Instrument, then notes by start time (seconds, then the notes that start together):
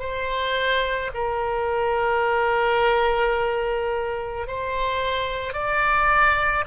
oboe
0.00 C5
1.14 A#4
4.47 C5
5.54 D5